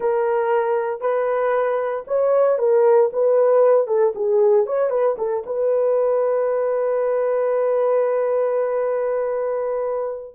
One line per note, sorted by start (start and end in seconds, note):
0.00 1.00 A#4
1.00 2.04 B4
2.07 2.58 C#5
2.58 3.10 A#4
3.12 3.87 B4
3.87 4.13 A4
4.15 4.66 G#4
4.66 4.90 C#5
4.90 5.16 B4
5.17 5.43 A4
5.46 10.35 B4